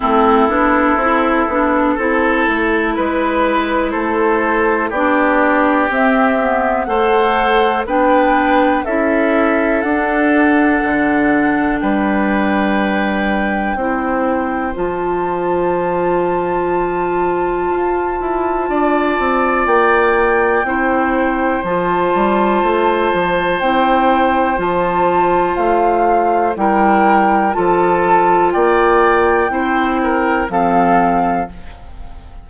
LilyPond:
<<
  \new Staff \with { instrumentName = "flute" } { \time 4/4 \tempo 4 = 61 a'2. b'4 | c''4 d''4 e''4 fis''4 | g''4 e''4 fis''2 | g''2. a''4~ |
a''1 | g''2 a''2 | g''4 a''4 f''4 g''4 | a''4 g''2 f''4 | }
  \new Staff \with { instrumentName = "oboe" } { \time 4/4 e'2 a'4 b'4 | a'4 g'2 c''4 | b'4 a'2. | b'2 c''2~ |
c''2. d''4~ | d''4 c''2.~ | c''2. ais'4 | a'4 d''4 c''8 ais'8 a'4 | }
  \new Staff \with { instrumentName = "clarinet" } { \time 4/4 c'8 d'8 e'8 d'8 e'2~ | e'4 d'4 c'8 b8 a'4 | d'4 e'4 d'2~ | d'2 e'4 f'4~ |
f'1~ | f'4 e'4 f'2 | e'4 f'2 e'4 | f'2 e'4 c'4 | }
  \new Staff \with { instrumentName = "bassoon" } { \time 4/4 a8 b8 c'8 b8 c'8 a8 gis4 | a4 b4 c'4 a4 | b4 cis'4 d'4 d4 | g2 c'4 f4~ |
f2 f'8 e'8 d'8 c'8 | ais4 c'4 f8 g8 a8 f8 | c'4 f4 a4 g4 | f4 ais4 c'4 f4 | }
>>